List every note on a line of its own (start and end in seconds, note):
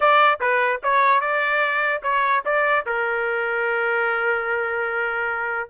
0.00 0.39 D5
0.40 0.81 B4
0.83 1.20 C#5
1.20 2.01 D5
2.03 2.43 C#5
2.45 2.85 D5
2.86 5.69 A#4